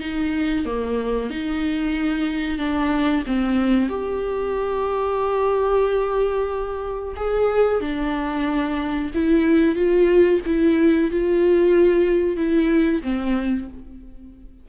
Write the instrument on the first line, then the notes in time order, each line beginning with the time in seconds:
viola
0.00 D#4
0.65 A#3
1.30 D#4
2.58 D4
3.26 C4
3.89 G4
7.16 G#4
7.80 D4
9.14 E4
9.75 F4
10.45 E4
11.11 F4
12.36 E4
13.02 C4